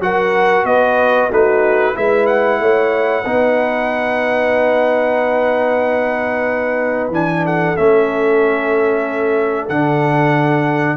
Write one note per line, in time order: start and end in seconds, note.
0.00 0.64 F#3
0.00 1.30 F#4
0.00 0.66 A#4
0.00 0.65 F#5
0.64 1.28 B3
0.64 1.30 B4
0.64 1.30 D#5
1.30 1.95 A3
1.30 1.94 D#4
1.30 1.95 F#4
1.30 1.96 B4
1.94 2.60 G#3
1.94 3.23 E4
1.94 2.59 B4
1.94 2.26 E5
2.26 7.10 F#5
2.60 3.24 A3
2.60 3.23 C#5
3.23 7.09 B3
3.23 7.12 D#4
3.23 7.42 B4
7.09 7.74 E3
7.09 7.76 D4
7.09 7.46 G#5
7.44 10.96 A4
7.44 7.76 F#5
7.76 9.69 A3
7.76 9.69 C#4
7.76 9.68 E5
9.68 10.96 D3
9.68 10.96 D4
9.68 10.96 F#5